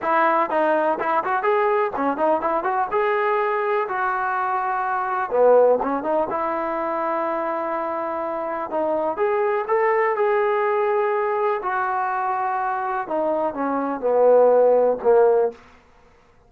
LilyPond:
\new Staff \with { instrumentName = "trombone" } { \time 4/4 \tempo 4 = 124 e'4 dis'4 e'8 fis'8 gis'4 | cis'8 dis'8 e'8 fis'8 gis'2 | fis'2. b4 | cis'8 dis'8 e'2.~ |
e'2 dis'4 gis'4 | a'4 gis'2. | fis'2. dis'4 | cis'4 b2 ais4 | }